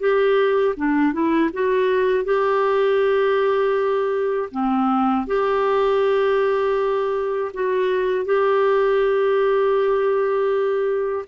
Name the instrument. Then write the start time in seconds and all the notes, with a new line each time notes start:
clarinet
0.00 G4
0.77 D4
1.13 E4
1.53 F#4
2.25 G4
4.52 C4
5.27 G4
7.54 F#4
8.26 G4